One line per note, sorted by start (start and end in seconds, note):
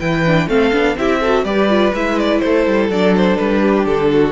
0.00 0.48 E3
0.00 0.25 E4
0.00 0.49 B4
0.00 0.48 G5
0.27 0.49 D4
0.48 0.72 A3
0.48 0.73 C4
0.48 0.97 A4
0.48 0.98 F5
0.73 0.96 B3
0.73 0.97 D4
0.96 1.44 C4
0.96 1.23 E4
0.96 1.20 G4
0.96 1.45 E5
1.20 1.46 F#4
1.20 1.45 A4
1.44 1.93 G3
1.44 1.70 G4
1.44 2.42 B4
1.44 1.93 D5
1.70 1.94 F4
1.94 2.42 G#3
1.94 2.92 E4
1.94 2.19 E5
2.19 2.40 D5
2.40 2.67 A3
2.40 3.62 A4
2.40 2.88 C5
2.67 2.89 G3
2.89 3.38 F#3
2.89 4.33 D4
2.89 3.16 D5
3.17 3.37 C5
3.37 3.86 G3
3.37 3.86 B4
3.62 4.11 G4
3.86 4.33 D3
3.86 4.33 A4
4.13 4.33 F#4